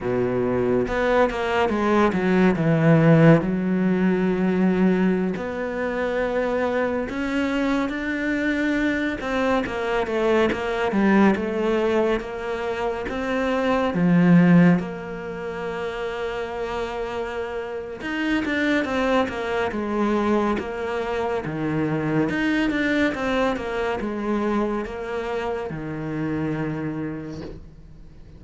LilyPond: \new Staff \with { instrumentName = "cello" } { \time 4/4 \tempo 4 = 70 b,4 b8 ais8 gis8 fis8 e4 | fis2~ fis16 b4.~ b16~ | b16 cis'4 d'4. c'8 ais8 a16~ | a16 ais8 g8 a4 ais4 c'8.~ |
c'16 f4 ais2~ ais8.~ | ais4 dis'8 d'8 c'8 ais8 gis4 | ais4 dis4 dis'8 d'8 c'8 ais8 | gis4 ais4 dis2 | }